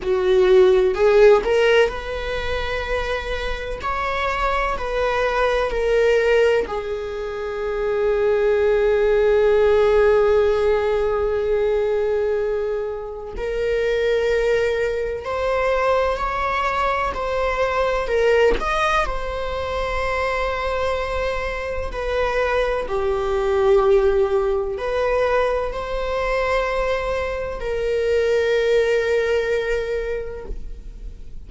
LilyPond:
\new Staff \with { instrumentName = "viola" } { \time 4/4 \tempo 4 = 63 fis'4 gis'8 ais'8 b'2 | cis''4 b'4 ais'4 gis'4~ | gis'1~ | gis'2 ais'2 |
c''4 cis''4 c''4 ais'8 dis''8 | c''2. b'4 | g'2 b'4 c''4~ | c''4 ais'2. | }